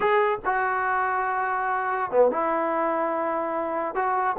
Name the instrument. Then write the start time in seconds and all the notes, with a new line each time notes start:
trombone
0.00 G#4
0.45 F#4
2.11 B3
2.31 E4
3.94 F#4